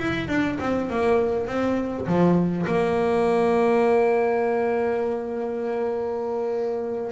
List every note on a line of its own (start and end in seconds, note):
0.00 0.29 E4
0.29 0.59 D4
0.60 0.90 C4
0.90 1.47 A#3
1.47 2.07 C4
2.07 2.67 F3
2.67 7.12 A#3